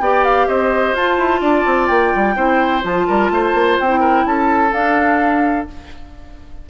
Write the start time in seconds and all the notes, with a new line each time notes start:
0.00 B3 G4 D5 G5
0.25 F5
0.48 C4 C5 D#5
0.93 F4 A5
0.99 F4
1.18 E4
1.41 D4 D5
1.65 C4
1.87 A#3 G5
2.15 G3
2.36 C4 E4 C5
2.82 F3 F4 A5
3.08 G3 A#4
3.31 A3 C5
3.54 A#3
3.80 C4 G5
3.87 E4
4.00 A#4
4.25 C#4 A4 A5
4.72 D4 F5